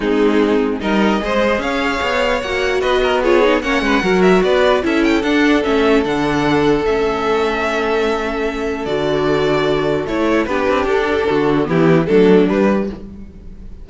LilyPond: <<
  \new Staff \with { instrumentName = "violin" } { \time 4/4 \tempo 4 = 149 gis'2 dis''2 | f''2 fis''4 dis''4 | cis''4 fis''4. e''8 d''4 | e''8 g''8 fis''4 e''4 fis''4~ |
fis''4 e''2.~ | e''2 d''2~ | d''4 cis''4 b'4 a'4~ | a'4 g'4 a'4 b'4 | }
  \new Staff \with { instrumentName = "violin" } { \time 4/4 dis'2 ais'4 c''4 | cis''2. b'8 ais'8 | gis'4 cis''8 b'8 ais'4 b'4 | a'1~ |
a'1~ | a'1~ | a'2 g'2 | fis'4 e'4 d'2 | }
  \new Staff \with { instrumentName = "viola" } { \time 4/4 c'2 dis'4 gis'4~ | gis'2 fis'2 | f'8 dis'8 cis'4 fis'2 | e'4 d'4 cis'4 d'4~ |
d'4 cis'2.~ | cis'2 fis'2~ | fis'4 e'4 d'2~ | d'4 b4 a4 g4 | }
  \new Staff \with { instrumentName = "cello" } { \time 4/4 gis2 g4 gis4 | cis'4 b4 ais4 b4~ | b4 ais8 gis8 fis4 b4 | cis'4 d'4 a4 d4~ |
d4 a2.~ | a2 d2~ | d4 a4 b8 c'8 d'4 | d4 e4 fis4 g4 | }
>>